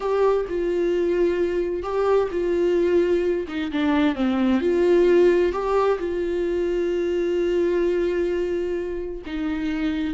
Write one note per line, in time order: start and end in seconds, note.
0.00 0.46 G4
0.48 1.82 F4
1.82 2.28 G4
2.31 3.46 F4
3.48 3.71 D#4
3.71 4.15 D4
4.15 4.60 C4
4.60 5.52 F4
5.52 5.98 G4
5.98 9.21 F4
9.26 10.14 D#4